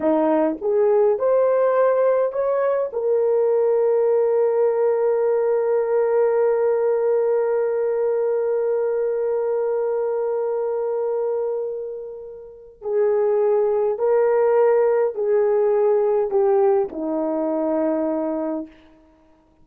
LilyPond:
\new Staff \with { instrumentName = "horn" } { \time 4/4 \tempo 4 = 103 dis'4 gis'4 c''2 | cis''4 ais'2.~ | ais'1~ | ais'1~ |
ais'1~ | ais'2 gis'2 | ais'2 gis'2 | g'4 dis'2. | }